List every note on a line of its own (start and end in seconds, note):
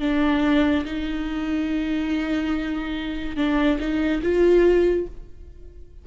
0.00 0.85 D4
0.85 3.36 D#4
3.36 3.79 D4
3.80 4.22 D#4
4.23 5.07 F4